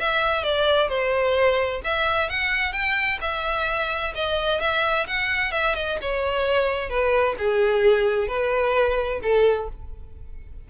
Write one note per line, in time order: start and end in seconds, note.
0.00 0.43 E5
0.43 0.89 D5
0.89 1.81 C5
1.84 2.29 E5
2.29 2.73 F#5
2.73 3.19 G5
3.21 4.13 E5
4.15 4.60 D#5
4.60 5.07 E5
5.07 5.52 F#5
5.52 5.75 E5
5.75 5.98 D#5
6.01 6.89 C#5
6.89 7.36 B4
7.38 8.28 G#4
8.28 9.20 B4
9.22 9.69 A4